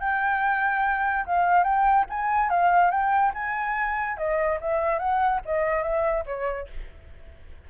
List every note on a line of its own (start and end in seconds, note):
0.00 1.25 G5
1.26 1.63 F5
1.63 2.05 G5
2.09 2.50 G#5
2.50 2.91 F5
2.91 3.32 G5
3.34 4.17 G#5
4.17 4.59 D#5
4.61 4.98 E5
4.98 5.40 F#5
5.45 5.83 D#5
5.83 6.24 E5
6.26 6.68 C#5